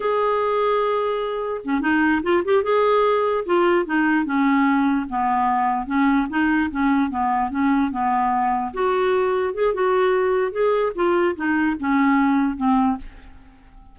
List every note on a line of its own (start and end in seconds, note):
0.00 1.61 G#4
1.64 1.81 C#4
1.81 2.21 D#4
2.22 2.43 F4
2.44 2.63 G4
2.63 3.44 G#4
3.45 3.85 F4
3.85 4.25 D#4
4.25 5.06 C#4
5.09 5.86 B3
5.86 6.27 C#4
6.29 6.70 D#4
6.70 7.10 C#4
7.10 7.50 B3
7.50 7.91 C#4
7.91 8.72 B3
8.73 9.54 F#4
9.54 9.74 G#4
9.74 10.52 F#4
10.52 10.92 G#4
10.95 11.35 F4
11.36 11.76 D#4
11.79 12.56 C#4
12.56 12.97 C4